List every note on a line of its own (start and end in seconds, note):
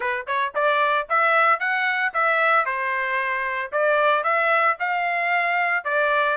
0.00 0.26 B4
0.27 0.53 C#5
0.54 1.07 D5
1.09 1.59 E5
1.59 2.12 F#5
2.13 2.65 E5
2.65 3.71 C5
3.71 4.23 D5
4.23 4.76 E5
4.79 5.84 F5
5.84 6.37 D5